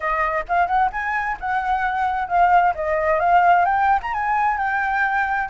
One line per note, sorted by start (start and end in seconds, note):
0.00 0.44 D#5
0.48 0.67 F5
0.67 0.90 F#5
0.91 1.37 G#5
1.40 2.28 F#5
2.28 2.74 F5
2.75 3.19 D#5
3.19 3.65 F5
3.65 3.99 G5
4.02 4.13 A#5
4.13 4.57 G#5
4.57 5.49 G5